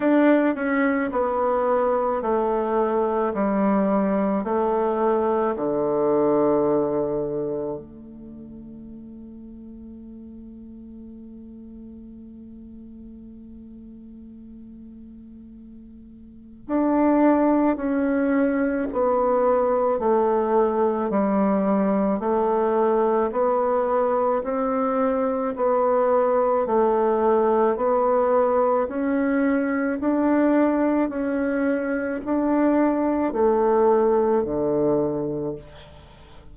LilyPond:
\new Staff \with { instrumentName = "bassoon" } { \time 4/4 \tempo 4 = 54 d'8 cis'8 b4 a4 g4 | a4 d2 a4~ | a1~ | a2. d'4 |
cis'4 b4 a4 g4 | a4 b4 c'4 b4 | a4 b4 cis'4 d'4 | cis'4 d'4 a4 d4 | }